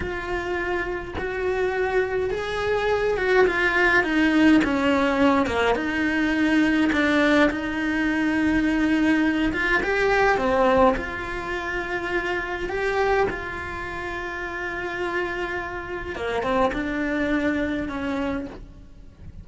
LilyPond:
\new Staff \with { instrumentName = "cello" } { \time 4/4 \tempo 4 = 104 f'2 fis'2 | gis'4. fis'8 f'4 dis'4 | cis'4. ais8 dis'2 | d'4 dis'2.~ |
dis'8 f'8 g'4 c'4 f'4~ | f'2 g'4 f'4~ | f'1 | ais8 c'8 d'2 cis'4 | }